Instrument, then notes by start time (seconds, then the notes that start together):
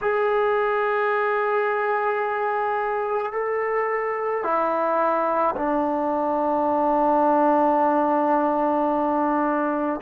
trombone
0.01 G#4
3.32 A4
4.43 E4
5.56 D4